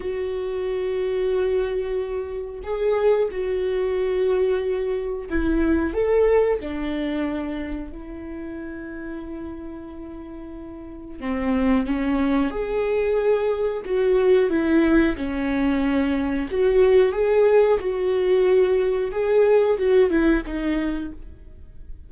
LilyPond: \new Staff \with { instrumentName = "viola" } { \time 4/4 \tempo 4 = 91 fis'1 | gis'4 fis'2. | e'4 a'4 d'2 | e'1~ |
e'4 c'4 cis'4 gis'4~ | gis'4 fis'4 e'4 cis'4~ | cis'4 fis'4 gis'4 fis'4~ | fis'4 gis'4 fis'8 e'8 dis'4 | }